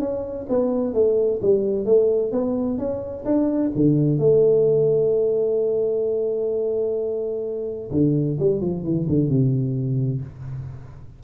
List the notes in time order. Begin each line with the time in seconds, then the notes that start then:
0.00 C#4
0.49 B3
0.94 A3
1.42 G3
1.86 A3
2.32 B3
2.78 C#4
3.25 D4
3.76 D3
4.19 A3
7.91 D3
8.40 G3
8.61 F3
8.84 E3
9.09 D3
9.29 C3